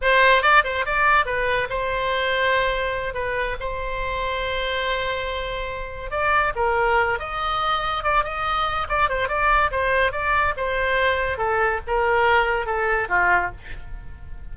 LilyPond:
\new Staff \with { instrumentName = "oboe" } { \time 4/4 \tempo 4 = 142 c''4 d''8 c''8 d''4 b'4 | c''2.~ c''8 b'8~ | b'8 c''2.~ c''8~ | c''2~ c''8 d''4 ais'8~ |
ais'4 dis''2 d''8 dis''8~ | dis''4 d''8 c''8 d''4 c''4 | d''4 c''2 a'4 | ais'2 a'4 f'4 | }